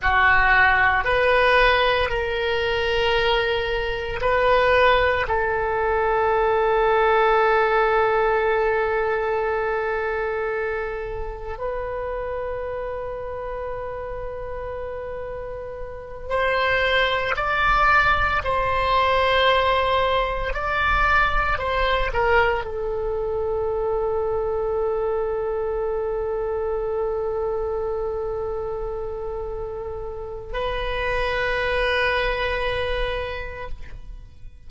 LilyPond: \new Staff \with { instrumentName = "oboe" } { \time 4/4 \tempo 4 = 57 fis'4 b'4 ais'2 | b'4 a'2.~ | a'2. b'4~ | b'2.~ b'8 c''8~ |
c''8 d''4 c''2 d''8~ | d''8 c''8 ais'8 a'2~ a'8~ | a'1~ | a'4 b'2. | }